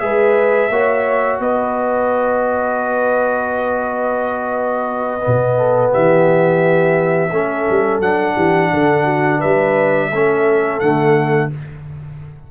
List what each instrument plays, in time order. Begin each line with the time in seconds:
0.00 tuba G#3, trombone G#4, horn B4, trumpet E5
0.70 tuba A#3, trombone F#4, horn C#5
1.39 tuba B3, horn B4, trumpet D#5
5.21 trombone B3
5.27 tuba B2
5.57 horn A4
5.93 tuba E3, horn G4, trumpet E5
7.31 tuba A3, trombone C#4, horn A4
7.70 tuba G3
8.00 tuba F#3, trombone D4, trumpet F#5
8.35 tuba E3, horn G4
8.73 tuba D3, horn A4
9.05 horn F#4
9.39 tuba G3, horn B4, trumpet E5
10.11 tuba A3, trombone C#4, horn A4
10.80 tuba D3, trombone A3, trumpet F#5